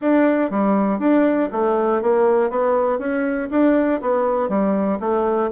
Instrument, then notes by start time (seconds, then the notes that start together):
bassoon
0.01 D4
0.50 G3
0.99 D4
1.51 A3
2.01 A#3
2.50 B3
2.98 C#4
3.50 D4
4.01 B3
4.49 G3
5.00 A3